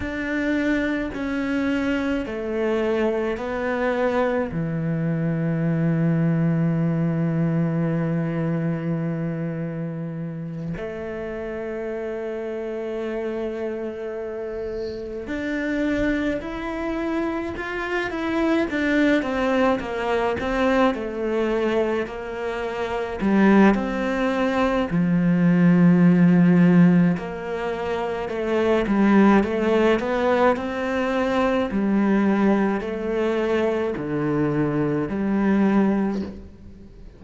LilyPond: \new Staff \with { instrumentName = "cello" } { \time 4/4 \tempo 4 = 53 d'4 cis'4 a4 b4 | e1~ | e4. a2~ a8~ | a4. d'4 e'4 f'8 |
e'8 d'8 c'8 ais8 c'8 a4 ais8~ | ais8 g8 c'4 f2 | ais4 a8 g8 a8 b8 c'4 | g4 a4 d4 g4 | }